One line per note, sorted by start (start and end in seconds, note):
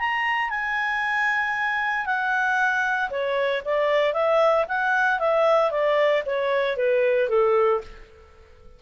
0.00 0.51 A#5
0.51 2.06 G#5
2.06 3.10 F#5
3.11 3.63 C#5
3.65 4.14 D5
4.14 4.66 E5
4.69 5.20 F#5
5.20 5.71 E5
5.71 6.23 D5
6.26 6.77 C#5
6.77 7.29 B4
7.29 7.82 A4